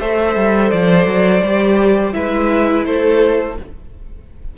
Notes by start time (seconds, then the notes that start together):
0.00 A3 A4 C5 E5
0.36 G3
0.71 F3 D5
1.06 F#3
1.43 G3 G4
2.12 G#3 E4 B4 E5
2.86 A3 A4 C5